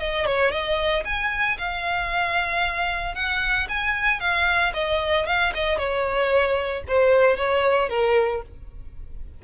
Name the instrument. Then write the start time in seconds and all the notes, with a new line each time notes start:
violin
0.00 D#5
0.27 C#5
0.51 D#5
1.05 G#5
1.58 F5
3.15 F#5
3.69 G#5
4.21 F5
4.74 D#5
5.27 F5
5.55 D#5
5.78 C#5
6.88 C5
7.37 C#5
7.90 A#4